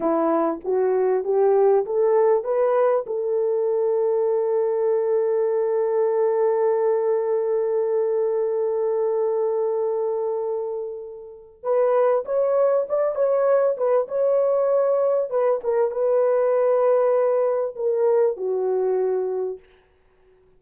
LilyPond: \new Staff \with { instrumentName = "horn" } { \time 4/4 \tempo 4 = 98 e'4 fis'4 g'4 a'4 | b'4 a'2.~ | a'1~ | a'1~ |
a'2. b'4 | cis''4 d''8 cis''4 b'8 cis''4~ | cis''4 b'8 ais'8 b'2~ | b'4 ais'4 fis'2 | }